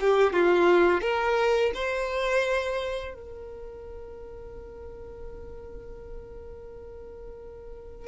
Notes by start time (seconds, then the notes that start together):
0.00 G4
0.33 F4
1.01 A#4
1.74 C5
3.14 A#4